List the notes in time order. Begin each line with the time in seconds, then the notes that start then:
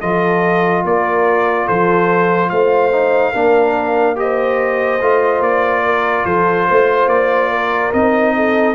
0.00 F3 F4 A4 D#5
0.84 A#3 A#4 D5
1.66 F3 A4 C5
2.50 A3 C5 F5
2.92 D#4
3.32 A#3 D4 A#4
4.16 G4 C5 D#5
5.01 A3 F4
5.40 A#3 D5
5.84 A#4
6.26 F3 A4 C5
6.67 A3 C5
7.07 A#3 D5
7.50 A#4
7.93 C4 D#4 D#5
8.36 A4